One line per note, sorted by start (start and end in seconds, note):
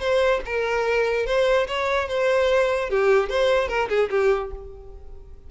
0.00 0.41 C5
0.45 1.26 A#4
1.26 1.67 C5
1.67 2.08 C#5
2.08 2.90 C5
2.90 3.29 G4
3.29 3.68 C5
3.68 3.89 A#4
3.89 4.10 G#4
4.10 4.51 G4